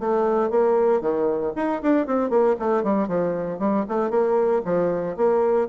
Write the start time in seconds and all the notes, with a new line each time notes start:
0.00 A3
0.50 A#3
1.01 D#3
1.56 D#4
1.82 D4
2.07 C4
2.30 A#3
2.60 A3
2.84 G3
3.08 F3
3.59 G3
3.89 A3
4.10 A#3
4.65 F3
5.17 A#3